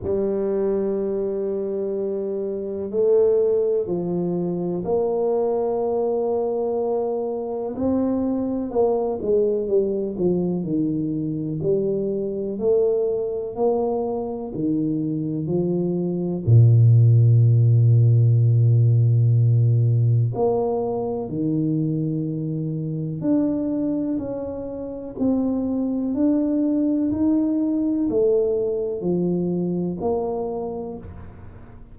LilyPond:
\new Staff \with { instrumentName = "tuba" } { \time 4/4 \tempo 4 = 62 g2. a4 | f4 ais2. | c'4 ais8 gis8 g8 f8 dis4 | g4 a4 ais4 dis4 |
f4 ais,2.~ | ais,4 ais4 dis2 | d'4 cis'4 c'4 d'4 | dis'4 a4 f4 ais4 | }